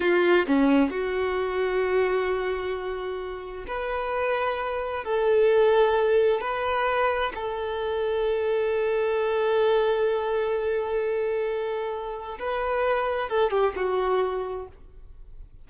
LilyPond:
\new Staff \with { instrumentName = "violin" } { \time 4/4 \tempo 4 = 131 f'4 cis'4 fis'2~ | fis'1 | b'2. a'4~ | a'2 b'2 |
a'1~ | a'1~ | a'2. b'4~ | b'4 a'8 g'8 fis'2 | }